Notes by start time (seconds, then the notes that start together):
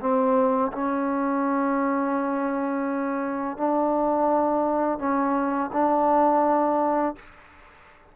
0.00 C4
0.72 C#4
3.57 D4
4.99 C#4
5.73 D4